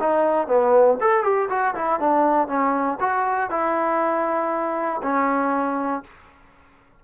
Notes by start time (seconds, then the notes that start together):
0.00 D#4
0.47 B3
1.01 A4
1.24 G4
1.49 F#4
1.75 E4
2.00 D4
2.48 C#4
3.00 F#4
3.50 E4
5.03 C#4